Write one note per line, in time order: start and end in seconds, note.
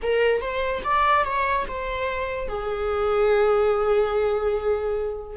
0.02 0.41 A#4
0.41 0.82 C5
0.84 1.24 D5
1.24 1.65 C#5
1.67 2.48 C5
2.48 5.36 G#4